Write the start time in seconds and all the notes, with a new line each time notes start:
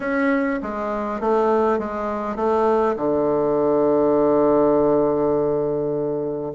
0.00 C#4
0.62 G#3
1.20 A3
1.78 G#3
2.36 A3
2.96 D3